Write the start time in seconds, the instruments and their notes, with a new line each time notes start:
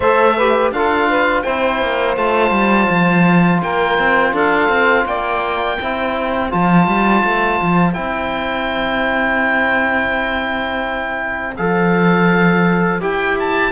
0.00 cello A3, trombone A4, saxophone C5, oboe E5
0.36 trombone G4, saxophone B4
0.71 cello D4, trombone F4, saxophone A4, oboe F5
1.09 saxophone B4
1.42 cello C4, trombone E4, saxophone C5, oboe G5
1.81 cello A#3
2.16 cello A3, trombone F4, oboe A5
2.50 cello G3
2.89 cello F3
3.62 cello A#3, saxophone A#4, oboe G5
3.98 cello C4
4.31 cello D4, saxophone A4, oboe F5
4.69 cello C4
5.05 cello A#3, saxophone D5, oboe G5
5.78 cello C4, trombone E4, saxophone C5
6.50 cello F3, trombone F4, oboe A5
6.87 cello G3
7.24 cello A3
7.61 cello F3
7.93 cello C4, trombone E4, oboe G5
11.56 cello F3, trombone A4, oboe F5
13.00 cello E4, trombone G4, oboe G5
13.39 oboe A5